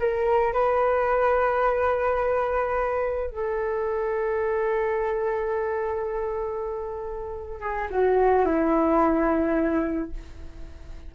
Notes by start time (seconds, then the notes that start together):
0.00 A#4
0.54 B4
3.31 A4
7.61 G#4
7.91 F#4
8.45 E4